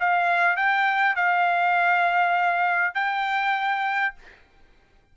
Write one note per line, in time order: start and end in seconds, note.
0.00 0.56 F5
0.56 1.16 G5
1.16 2.95 F5
2.95 4.15 G5